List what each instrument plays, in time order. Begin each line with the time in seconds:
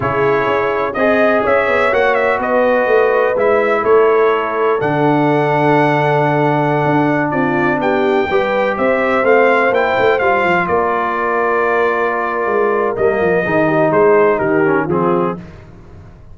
0.00 tuba C#3, trombone E4, horn G#4, trumpet C#5
0.46 tuba C#4
0.93 tuba C4, trombone G#4, trumpet D#5, horn D#5
1.43 tuba C#4, horn C#5, trumpet E5
1.67 tuba B3
1.91 tuba A#3, trombone F#4, trumpet F#5
2.14 trumpet E5
2.38 tuba B3, horn B4, trumpet D#5
2.86 tuba A3
3.35 tuba G#3, trombone E4, trumpet E5
3.82 tuba A3, horn A4, trumpet C#5
4.79 tuba D3, trombone D4, trumpet F#5
6.85 tuba D4
7.30 tuba C4, horn F4, trumpet D5
7.79 tuba B3, horn G4, trumpet G5
8.29 tuba G3, trombone G4, horn B4
8.77 tuba C4, horn C5, trumpet E5
9.23 tuba A3, trombone C4, trumpet F5
9.70 tuba A#3, trombone E4, trumpet G5
9.98 tuba A3
10.19 tuba G3, trombone F4, trumpet F5
10.44 tuba F3
10.67 tuba A#3, horn A#4, trumpet D5
12.46 tuba G#3
12.96 tuba G3, trombone A#3, trumpet D#5
13.21 tuba F3
13.43 tuba D#3, trombone D#4, horn G#4
13.67 horn G4
13.91 tuba G#3, horn G#4, trumpet C5
14.37 tuba D#3, horn G4, trumpet A#4
14.64 trombone C#4
14.84 tuba F3, trombone C4, horn F4, trumpet G#4